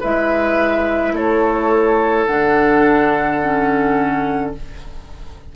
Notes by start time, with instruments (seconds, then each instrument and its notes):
0.00 bassoon G#3, clarinet E4, oboe B4, flute E5
1.13 bassoon A3, oboe A4, flute C#5
2.26 bassoon D3, clarinet D4, flute F#5
3.42 clarinet C#4